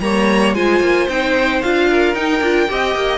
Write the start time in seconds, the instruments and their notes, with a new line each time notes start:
0.00 cello G3, viola A#3, violin C#5 A#5
0.53 cello G#3, viola F4, violin C5 G#5
0.80 cello A#3
1.09 cello C4, viola D#4, violin G5
1.62 cello D4, viola F4, violin F5
1.90 violin A#4
2.14 cello D#4, viola D#4, violin G5
2.40 cello D4, viola F4
2.68 cello C4, viola G4, violin D#5
2.95 cello A#3